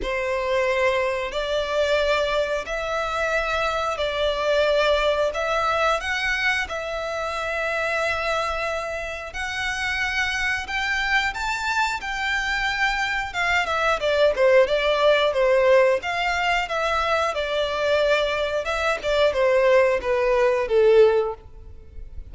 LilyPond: \new Staff \with { instrumentName = "violin" } { \time 4/4 \tempo 4 = 90 c''2 d''2 | e''2 d''2 | e''4 fis''4 e''2~ | e''2 fis''2 |
g''4 a''4 g''2 | f''8 e''8 d''8 c''8 d''4 c''4 | f''4 e''4 d''2 | e''8 d''8 c''4 b'4 a'4 | }